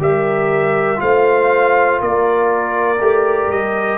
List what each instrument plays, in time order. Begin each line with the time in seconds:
0.00 tuba G3, trombone G4, horn A#4, trumpet E5
0.96 tuba A3, trombone F4, horn C5, trumpet F5
2.01 tuba A#3, horn A#4, trumpet D5
3.00 tuba A3, trombone G4
3.48 tuba G3, trumpet D#5